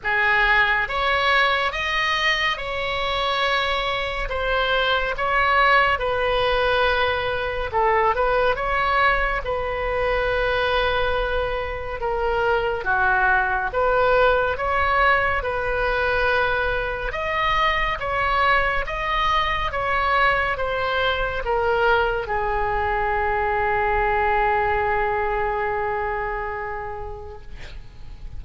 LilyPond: \new Staff \with { instrumentName = "oboe" } { \time 4/4 \tempo 4 = 70 gis'4 cis''4 dis''4 cis''4~ | cis''4 c''4 cis''4 b'4~ | b'4 a'8 b'8 cis''4 b'4~ | b'2 ais'4 fis'4 |
b'4 cis''4 b'2 | dis''4 cis''4 dis''4 cis''4 | c''4 ais'4 gis'2~ | gis'1 | }